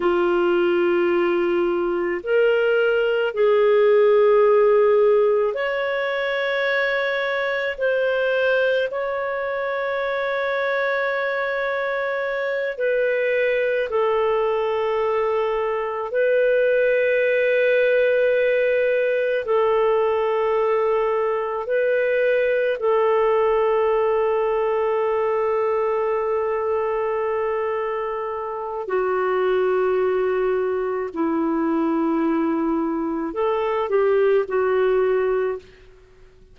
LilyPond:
\new Staff \with { instrumentName = "clarinet" } { \time 4/4 \tempo 4 = 54 f'2 ais'4 gis'4~ | gis'4 cis''2 c''4 | cis''2.~ cis''8 b'8~ | b'8 a'2 b'4.~ |
b'4. a'2 b'8~ | b'8 a'2.~ a'8~ | a'2 fis'2 | e'2 a'8 g'8 fis'4 | }